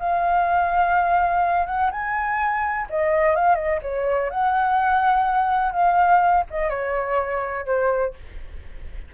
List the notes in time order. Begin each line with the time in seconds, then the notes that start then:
0.00 F5
1.67 F#5
1.92 G#5
2.90 D#5
3.36 F5
3.56 D#5
3.82 C#5
4.30 F#5
5.73 F5
6.51 D#5
6.70 C#5
7.66 C5